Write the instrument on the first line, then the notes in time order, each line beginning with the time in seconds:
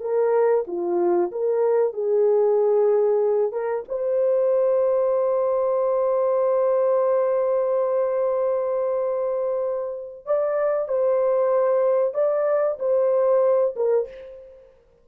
horn
0.00 A#4
0.67 F4
1.31 A#4
1.93 G#4
3.52 A#4
3.88 C5
10.25 D5
10.88 C5
12.14 D5
12.79 C5
13.76 A#4